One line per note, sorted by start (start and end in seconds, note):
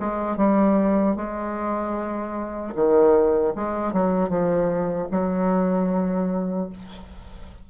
0.00 0.37 G#3
0.37 1.16 G3
1.16 2.74 G#3
2.75 3.54 D#3
3.55 3.93 G#3
3.93 4.30 F#3
4.30 5.08 F3
5.11 6.69 F#3